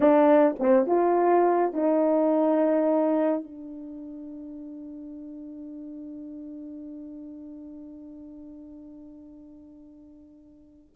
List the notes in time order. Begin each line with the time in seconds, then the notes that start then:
0.00 D4
0.59 C4
0.86 F4
1.73 D#4
3.43 D4